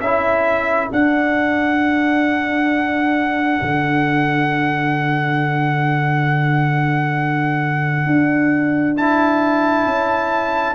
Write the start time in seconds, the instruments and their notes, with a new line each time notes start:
0.00 tuba C#4, trombone E4, horn A4, trumpet E5
0.90 trombone D4, tuba D4, trumpet F#5
3.62 tuba D3
8.07 tuba D4
8.97 trombone E4, trumpet A5
9.86 tuba C#4